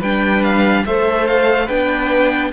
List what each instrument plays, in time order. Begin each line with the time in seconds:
0.00 cello G3, viola D4, violin B4 G5
0.43 violin F5
0.86 cello A3, viola A4, violin C5 E5
1.27 violin F5
1.65 cello B3, viola D4, violin B4 G5